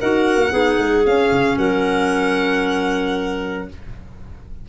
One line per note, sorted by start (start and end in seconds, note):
0.00 0.36 D#4
0.00 0.49 F#4
0.00 0.52 A#4
0.00 1.06 F#5
0.36 0.49 A#3
0.49 0.78 B3
0.49 1.02 D#4
0.49 1.57 G#4
0.78 1.05 G#3
1.05 3.68 C#4
1.05 1.30 C#4
1.05 1.57 F5
1.30 1.57 C#3
1.57 3.68 F#3
1.57 3.68 A#4
1.57 3.68 F#5